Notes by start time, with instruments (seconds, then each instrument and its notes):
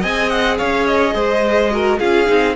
0.00 cello C4, viola G#4, violin D#5 G#5
0.29 violin F#5
0.57 cello C#4, violin C#5 F5
0.86 violin D#5
1.14 cello G#3, violin C5
1.70 viola F#4, violin A#4
1.99 cello C#4, viola F4, violin G#4 F5
2.26 cello C4, viola D#4